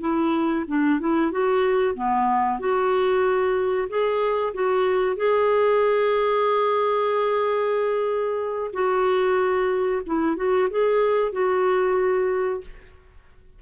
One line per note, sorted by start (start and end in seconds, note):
0.00 0.65 E4
0.67 0.99 D4
1.00 1.31 E4
1.31 1.94 F#4
1.94 2.59 B3
2.59 3.88 F#4
3.89 4.53 G#4
4.53 5.16 F#4
5.16 8.71 G#4
8.72 10.01 F#4
10.06 10.36 E4
10.36 10.68 F#4
10.70 11.32 G#4
11.32 12.61 F#4